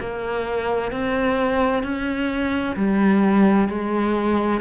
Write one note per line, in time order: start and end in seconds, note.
0.00 0.91 A#3
0.91 1.83 C4
1.83 2.76 C#4
2.76 3.68 G3
3.68 4.61 G#3